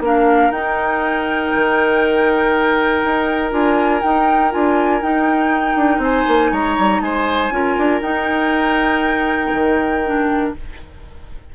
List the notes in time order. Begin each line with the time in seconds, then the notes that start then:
0.00 A#3 D4 A#4
0.06 F5
0.51 D#4 G5
1.55 D#3
3.04 D#4
3.51 D4 F4 G#5
4.02 D#4 G5
4.51 D4 F4 G#5
5.02 D#4 G5
5.76 D4
5.98 C4 C5 G#5
6.28 A#3
6.51 G#3 C#5 A#5
6.79 G3
7.01 G#3 C5 G#5
7.51 C#4 F4 A#4
7.78 D4
8.01 D#4 G5
9.53 D#3
10.05 D4